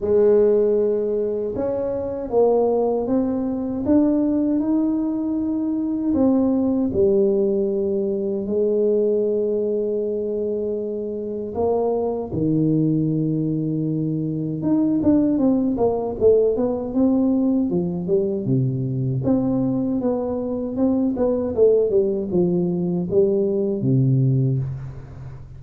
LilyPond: \new Staff \with { instrumentName = "tuba" } { \time 4/4 \tempo 4 = 78 gis2 cis'4 ais4 | c'4 d'4 dis'2 | c'4 g2 gis4~ | gis2. ais4 |
dis2. dis'8 d'8 | c'8 ais8 a8 b8 c'4 f8 g8 | c4 c'4 b4 c'8 b8 | a8 g8 f4 g4 c4 | }